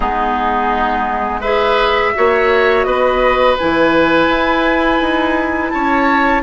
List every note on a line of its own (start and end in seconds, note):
0.00 2.14 G#3
0.00 1.43 B3
0.00 1.40 D#4
0.00 1.41 G#4
1.40 2.15 G#4
1.40 2.11 B4
1.40 2.83 E5
2.15 2.85 A#3
2.15 3.57 F#4
2.15 2.86 C#5
2.83 3.56 B3
2.83 5.72 B4
2.83 3.55 D#5
3.58 4.28 E3
3.58 6.42 E4
3.58 5.69 G#5
4.28 4.99 E4
5.00 5.71 D#4
5.69 6.42 C#4
5.69 6.42 C#5
5.69 6.41 A5